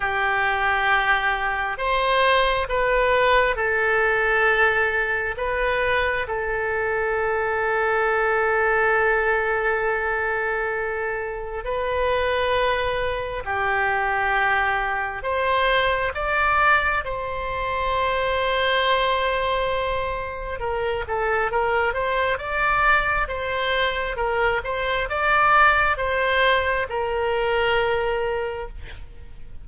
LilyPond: \new Staff \with { instrumentName = "oboe" } { \time 4/4 \tempo 4 = 67 g'2 c''4 b'4 | a'2 b'4 a'4~ | a'1~ | a'4 b'2 g'4~ |
g'4 c''4 d''4 c''4~ | c''2. ais'8 a'8 | ais'8 c''8 d''4 c''4 ais'8 c''8 | d''4 c''4 ais'2 | }